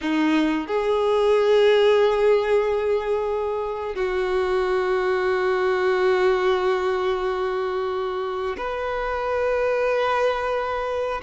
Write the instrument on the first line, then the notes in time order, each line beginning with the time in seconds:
violin
0.01 D#4
0.67 G#4
3.95 F#4
8.57 B4